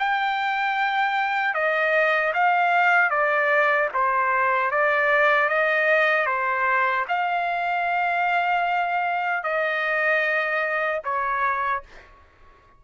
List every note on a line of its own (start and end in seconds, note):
0.00 1.54 G5
1.54 2.33 D#5
2.34 3.10 F5
3.10 3.89 D5
3.94 4.72 C5
4.72 5.49 D5
5.49 6.27 D#5
6.27 7.06 C5
7.08 9.43 F5
9.43 11.01 D#5
11.05 11.83 C#5